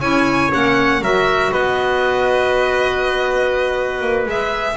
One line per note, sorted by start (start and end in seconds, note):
0.00 0.51 C#4
0.00 0.51 E4
0.00 1.00 C#5
0.00 0.51 G#5
0.52 1.01 A#3
0.52 1.02 C#4
0.52 1.03 F#5
1.01 1.51 F#3
1.01 4.28 F#4
1.01 1.52 A#4
1.01 1.53 E5
1.52 4.02 B3
1.52 4.76 B4
1.52 4.28 D#5
4.02 4.26 A#3
4.26 4.76 G#3
4.26 4.76 G#4
4.26 4.76 E5